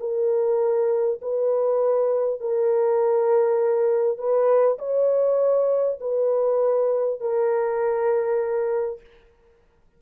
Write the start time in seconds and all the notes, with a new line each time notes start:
0.00 A#4
1.22 B4
2.40 A#4
4.18 B4
4.78 C#5
6.00 B4
7.20 A#4